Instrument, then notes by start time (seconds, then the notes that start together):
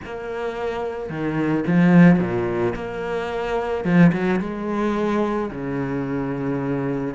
cello
0.04 A#3
1.09 D#3
1.66 F3
2.19 A#2
2.75 A#3
3.84 F3
4.12 F#3
4.40 G#3
5.50 C#3